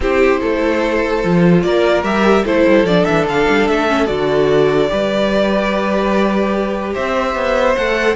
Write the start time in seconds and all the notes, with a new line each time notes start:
0.00 C4 E4 G4 C5
0.40 A3 A4
1.23 F3 F4
1.62 A#3 A#4 D5
2.03 G3 G4 E5
2.45 A3 E4 A4 C5
2.67 G3
2.84 F3 D4 D5
3.04 E3 E5
3.25 D3 F5
3.48 G3
3.67 A3 E5
3.88 C#4
4.06 D3 F#4 D5
4.89 G3 G4 B4
6.93 C4 C5 E5
7.34 B3
7.76 A3 A4 F#5